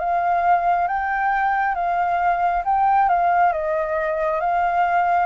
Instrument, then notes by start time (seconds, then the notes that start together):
flute
0.00 F5
0.88 G5
1.75 F5
2.65 G5
3.09 F5
3.53 D#5
4.40 F5